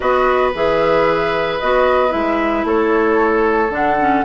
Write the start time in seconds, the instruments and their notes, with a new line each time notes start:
0.00 bassoon B3, clarinet F#4, oboe B4, flute D#5
0.54 bassoon E3, clarinet G#4, flute E5
1.59 bassoon B3, clarinet F#4, flute D#5
2.09 bassoon G#3, clarinet E4, flute E5
2.64 bassoon A3, oboe A4, flute C#5
3.69 bassoon D3, clarinet D4, flute F#5
3.99 clarinet C#4